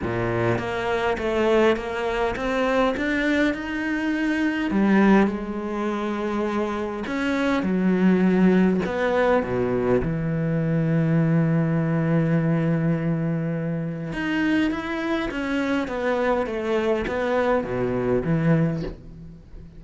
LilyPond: \new Staff \with { instrumentName = "cello" } { \time 4/4 \tempo 4 = 102 ais,4 ais4 a4 ais4 | c'4 d'4 dis'2 | g4 gis2. | cis'4 fis2 b4 |
b,4 e2.~ | e1 | dis'4 e'4 cis'4 b4 | a4 b4 b,4 e4 | }